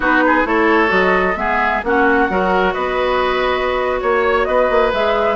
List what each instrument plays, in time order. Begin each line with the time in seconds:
0.00 bassoon B3, clarinet D#4, oboe F#4, flute B4
0.26 oboe G#4
0.44 bassoon A3, clarinet E4, oboe A4, flute C#5
0.87 bassoon F#3, clarinet F#4, flute D#5
1.35 bassoon G#3, clarinet B3, oboe G#4, flute E5
1.83 bassoon A#3, clarinet C#4, oboe F#4, flute F#5
2.29 bassoon F#3, clarinet F#4, oboe A#4
2.73 bassoon B3, oboe B4, flute D#5
4.00 bassoon A#3, flute C#5, oboe C#5
4.44 bassoon B3, oboe B4, flute D#5
4.69 bassoon A#3
4.92 bassoon G#3, clarinet G#4, flute E5